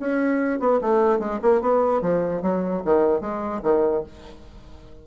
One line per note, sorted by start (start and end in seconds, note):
0.00 0.60 C#4
0.60 0.80 B3
0.81 1.19 A3
1.19 1.40 G#3
1.42 1.61 A#3
1.61 2.02 B3
2.02 2.42 F3
2.42 2.83 F#3
2.85 3.21 D#3
3.21 3.62 G#3
3.63 4.03 D#3